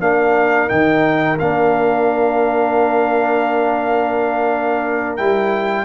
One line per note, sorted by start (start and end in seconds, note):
0.00 0.69 A#3
0.00 0.69 D4
0.00 5.84 A#4
0.00 0.69 F5
0.69 1.40 D#3
0.69 1.37 D#4
0.69 1.38 G5
1.39 5.19 A#3
1.39 5.17 D4
1.39 5.17 F5
5.17 5.84 G3
5.17 5.84 E4
5.17 5.84 G5